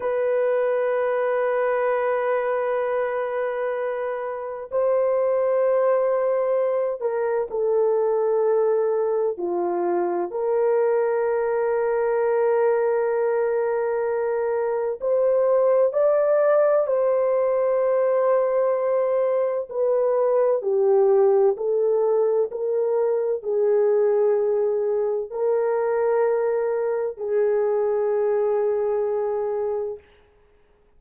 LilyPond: \new Staff \with { instrumentName = "horn" } { \time 4/4 \tempo 4 = 64 b'1~ | b'4 c''2~ c''8 ais'8 | a'2 f'4 ais'4~ | ais'1 |
c''4 d''4 c''2~ | c''4 b'4 g'4 a'4 | ais'4 gis'2 ais'4~ | ais'4 gis'2. | }